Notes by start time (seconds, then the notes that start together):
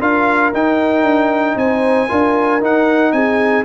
0.00 D4 F4 A#4 F5
0.53 D#4 G5
1.03 D4
1.55 C4 C5 G#5
2.08 D4 F4 A#4
2.61 D#4 F#5
3.12 C4 G#4 G#5